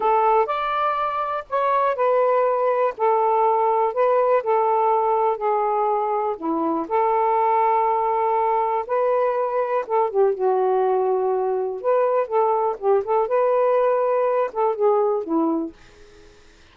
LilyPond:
\new Staff \with { instrumentName = "saxophone" } { \time 4/4 \tempo 4 = 122 a'4 d''2 cis''4 | b'2 a'2 | b'4 a'2 gis'4~ | gis'4 e'4 a'2~ |
a'2 b'2 | a'8 g'8 fis'2. | b'4 a'4 g'8 a'8 b'4~ | b'4. a'8 gis'4 e'4 | }